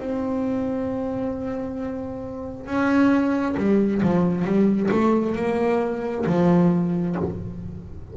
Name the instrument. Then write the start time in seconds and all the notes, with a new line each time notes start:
double bass
0.00 C4
2.67 C#4
3.57 G3
4.03 F3
4.45 G3
4.92 A3
5.36 A#3
6.26 F3